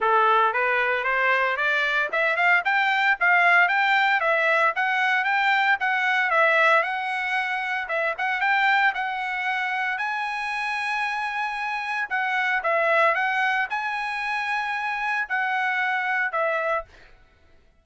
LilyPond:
\new Staff \with { instrumentName = "trumpet" } { \time 4/4 \tempo 4 = 114 a'4 b'4 c''4 d''4 | e''8 f''8 g''4 f''4 g''4 | e''4 fis''4 g''4 fis''4 | e''4 fis''2 e''8 fis''8 |
g''4 fis''2 gis''4~ | gis''2. fis''4 | e''4 fis''4 gis''2~ | gis''4 fis''2 e''4 | }